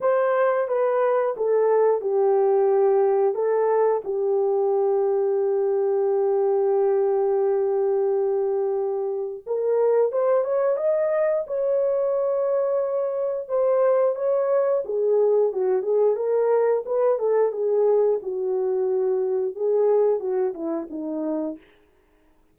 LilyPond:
\new Staff \with { instrumentName = "horn" } { \time 4/4 \tempo 4 = 89 c''4 b'4 a'4 g'4~ | g'4 a'4 g'2~ | g'1~ | g'2 ais'4 c''8 cis''8 |
dis''4 cis''2. | c''4 cis''4 gis'4 fis'8 gis'8 | ais'4 b'8 a'8 gis'4 fis'4~ | fis'4 gis'4 fis'8 e'8 dis'4 | }